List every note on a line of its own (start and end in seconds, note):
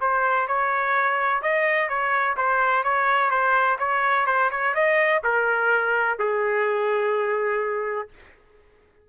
0.00 0.47 C5
0.47 1.42 C#5
1.42 1.89 D#5
1.89 2.36 C#5
2.37 2.83 C5
2.83 3.30 C#5
3.30 3.77 C5
3.78 4.26 C#5
4.26 4.50 C5
4.50 4.74 C#5
4.74 5.22 D#5
5.23 6.18 A#4
6.18 8.09 G#4